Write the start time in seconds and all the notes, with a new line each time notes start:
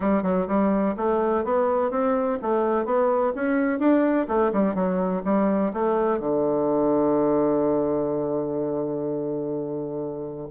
0.00 G3
0.23 F#3
0.47 G3
0.97 A3
1.44 B3
1.90 C4
2.42 A3
2.85 B3
3.35 C#4
3.79 D4
4.27 A3
4.53 G3
4.74 F#3
5.24 G3
5.73 A3
6.19 D3